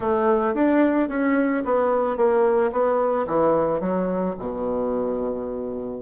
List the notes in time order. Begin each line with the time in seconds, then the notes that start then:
0.00 A3
0.54 D4
1.09 C#4
1.64 B3
2.16 A#3
2.71 B3
3.27 E3
3.80 F#3
4.39 B2